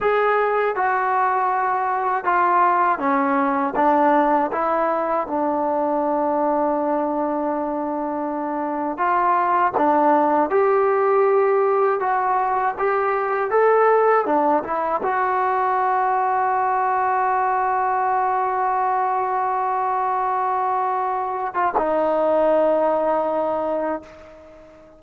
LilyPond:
\new Staff \with { instrumentName = "trombone" } { \time 4/4 \tempo 4 = 80 gis'4 fis'2 f'4 | cis'4 d'4 e'4 d'4~ | d'1 | f'4 d'4 g'2 |
fis'4 g'4 a'4 d'8 e'8 | fis'1~ | fis'1~ | fis'8. f'16 dis'2. | }